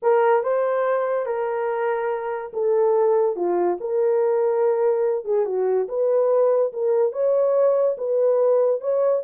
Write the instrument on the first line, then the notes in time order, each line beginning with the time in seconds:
horn
0.02 A#4
0.43 C5
1.25 A#4
2.53 A4
3.36 F4
3.80 A#4
5.24 G#4
5.45 F#4
5.88 B4
6.72 A#4
7.12 C#5
7.97 B4
8.80 C#5